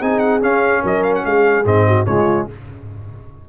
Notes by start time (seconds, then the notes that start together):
0.00 C4 D#4 G#4 G#5
0.19 F#5
0.41 C#4 F5
0.82 F#3 A#4 D#5
1.03 F5
1.15 F#5
1.25 G#3 G#4 F5
1.65 G#2 C4 D#5
1.87 F#4
2.06 C#3 G#3 F4 C#5